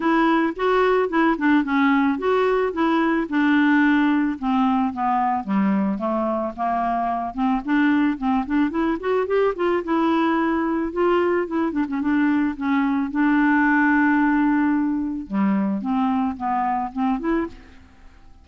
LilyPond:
\new Staff \with { instrumentName = "clarinet" } { \time 4/4 \tempo 4 = 110 e'4 fis'4 e'8 d'8 cis'4 | fis'4 e'4 d'2 | c'4 b4 g4 a4 | ais4. c'8 d'4 c'8 d'8 |
e'8 fis'8 g'8 f'8 e'2 | f'4 e'8 d'16 cis'16 d'4 cis'4 | d'1 | g4 c'4 b4 c'8 e'8 | }